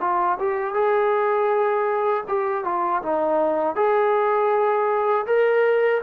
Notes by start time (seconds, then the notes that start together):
0.00 F4
0.39 G4
0.74 G#4
2.27 G4
2.64 F4
3.02 D#4
3.75 G#4
5.26 A#4